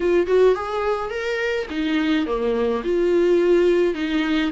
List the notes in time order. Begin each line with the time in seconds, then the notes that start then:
0.00 F4
0.27 F#4
0.54 G#4
1.10 A#4
1.70 D#4
2.26 A#3
2.84 F4
3.94 D#4